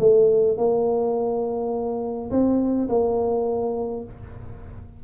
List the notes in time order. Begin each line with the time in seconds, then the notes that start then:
0.00 A3
0.58 A#3
2.31 C4
2.89 A#3